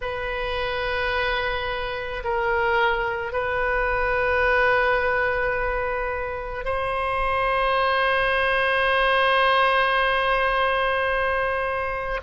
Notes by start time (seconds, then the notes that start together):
0.01 B4
2.24 A#4
3.32 B4
6.65 C5